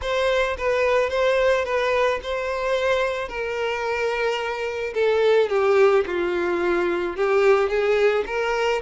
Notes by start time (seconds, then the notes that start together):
0.02 C5
0.57 B4
1.09 C5
1.65 B4
2.22 C5
3.28 A#4
4.94 A4
5.49 G4
6.06 F4
7.16 G4
7.69 G#4
8.26 A#4